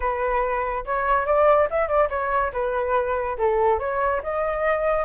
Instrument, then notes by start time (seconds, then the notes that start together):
flute
0.00 B4
0.85 C#5
1.26 D5
1.70 E5
1.87 D5
2.09 C#5
2.52 B4
3.38 A4
3.79 C#5
4.22 D#5